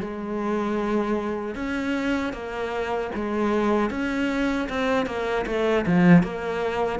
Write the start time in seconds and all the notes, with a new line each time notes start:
0.00 G#3
1.55 C#4
2.32 A#3
3.15 G#3
3.90 C#4
4.69 C4
5.06 A#3
5.46 A3
5.86 F3
6.23 A#3